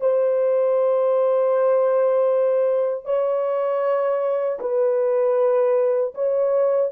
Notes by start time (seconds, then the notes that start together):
0.00 C5
3.05 C#5
4.60 B4
6.14 C#5